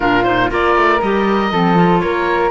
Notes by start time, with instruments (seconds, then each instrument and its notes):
0.00 cello A#2, clarinet D4, flute F4, oboe A#4
0.23 clarinet D#4, oboe C5
0.49 cello A#3, clarinet F4, flute A#4, oboe D5
0.75 cello A3
1.01 cello G3, clarinet G4, oboe D#5
1.51 cello F3, clarinet C4, flute A4
1.75 clarinet F4
1.99 cello A#3, flute A#4, oboe C#5